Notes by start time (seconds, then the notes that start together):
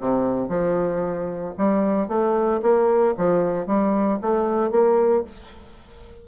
0.00 C3
0.49 F3
1.57 G3
2.08 A3
2.62 A#3
3.17 F3
3.66 G3
4.21 A3
4.71 A#3